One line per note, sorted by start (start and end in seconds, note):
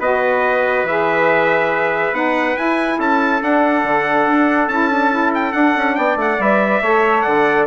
0.00 0.84 B3
0.00 0.87 F#4
0.00 2.98 B4
0.00 0.87 D#5
0.84 2.12 E3
0.84 2.14 G#4
0.84 2.15 E5
2.12 2.55 B3
2.12 2.56 D#4
2.12 2.57 F#5
2.56 3.41 E4
2.56 2.99 E4
2.56 3.00 G#5
2.99 3.42 C#4
2.99 5.97 A4
2.99 3.43 A5
3.42 3.84 D4
3.42 4.71 D4
3.42 4.69 F#5
3.84 4.27 D3
4.27 4.68 D4
4.68 5.53 C#4
4.68 4.91 E4
4.68 5.33 A5
4.91 5.12 D4
5.12 5.52 E4
5.35 5.53 G5
5.52 6.37 D4
5.52 5.76 D4
5.52 5.96 F#5
5.77 5.98 C#4
5.96 6.16 B3
5.96 6.83 D5
5.96 6.17 G5
6.16 6.38 A3
6.16 6.42 F#5
6.39 6.82 G3
6.39 6.83 B4
6.39 7.22 E5
6.82 7.24 A3
6.82 7.67 A4
6.82 7.25 C#5
7.22 7.67 D3
7.22 7.67 D5
7.22 7.65 F#5